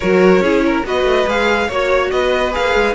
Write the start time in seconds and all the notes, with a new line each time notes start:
0.00 F#3 F#4 A#4 C#5
0.40 C#4 E4 G#4
0.65 A#4
0.84 B3 F#4 B4 D#5
1.04 A3
1.27 G#3 G#4 F5
1.67 A#3 F#4 C#5
2.10 B3 B4 D#5
2.51 A#3 G#4 F5
2.75 G#3